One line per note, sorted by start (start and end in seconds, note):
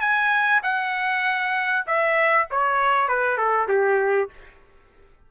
0.00 0.61 G#5
0.63 1.85 F#5
1.87 2.48 E5
2.51 3.08 C#5
3.08 3.37 B4
3.37 3.68 A4
3.68 4.29 G4